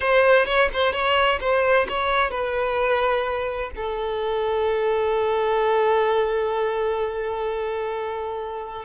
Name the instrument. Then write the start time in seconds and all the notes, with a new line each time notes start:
violin
0.00 C5
0.45 C#5
0.73 C5
0.92 C#5
1.40 C5
1.88 C#5
2.30 B4
3.75 A4